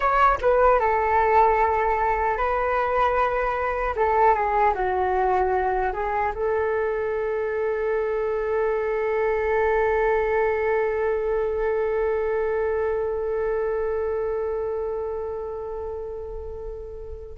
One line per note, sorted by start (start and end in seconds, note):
0.00 0.38 C#5
0.41 0.79 B4
0.79 2.37 A4
2.37 3.95 B4
3.95 4.34 A4
4.34 4.73 G#4
4.74 5.92 F#4
5.92 6.32 G#4
6.34 17.37 A4